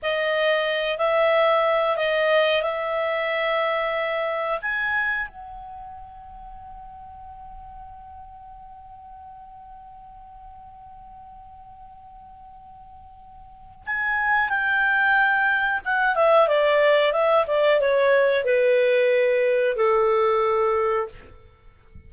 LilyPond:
\new Staff \with { instrumentName = "clarinet" } { \time 4/4 \tempo 4 = 91 dis''4. e''4. dis''4 | e''2. gis''4 | fis''1~ | fis''1~ |
fis''1~ | fis''4 gis''4 g''2 | fis''8 e''8 d''4 e''8 d''8 cis''4 | b'2 a'2 | }